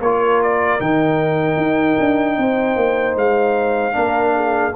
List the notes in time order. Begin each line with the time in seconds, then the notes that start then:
0.00 A#3 F4 A#4 C#5
0.43 D5
0.80 D#3 D#4 G5
1.57 D#4
2.00 D4
2.37 C4 C5
2.76 A#3
3.16 G#3 F5
3.93 A#3 D4 A#4
4.35 G#4